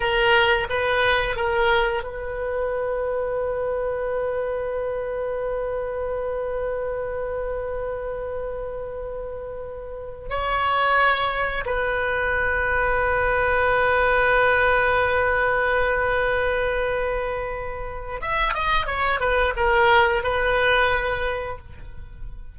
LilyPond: \new Staff \with { instrumentName = "oboe" } { \time 4/4 \tempo 4 = 89 ais'4 b'4 ais'4 b'4~ | b'1~ | b'1~ | b'2.~ b'16 cis''8.~ |
cis''4~ cis''16 b'2~ b'8.~ | b'1~ | b'2. e''8 dis''8 | cis''8 b'8 ais'4 b'2 | }